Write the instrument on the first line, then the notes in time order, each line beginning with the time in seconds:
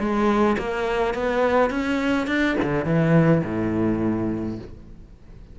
cello
0.00 G#3
0.59 A#3
1.15 B3
1.71 C#4
2.28 D4
2.63 D3
2.85 E3
3.45 A2